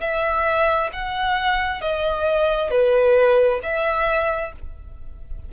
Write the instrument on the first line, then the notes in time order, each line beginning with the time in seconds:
violin
0.00 E5
0.92 F#5
1.81 D#5
2.70 B4
3.63 E5